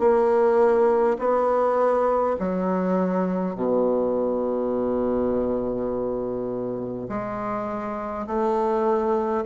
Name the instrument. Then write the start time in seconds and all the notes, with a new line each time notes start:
bassoon
0.00 A#3
1.19 B3
2.40 F#3
3.56 B2
7.09 G#3
8.27 A3